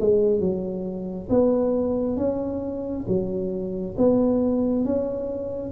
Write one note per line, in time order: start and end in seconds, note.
0.00 0.40 G#3
0.40 1.28 F#3
1.29 2.17 B3
2.17 3.05 C#4
3.07 3.95 F#3
3.97 4.84 B3
4.84 5.72 C#4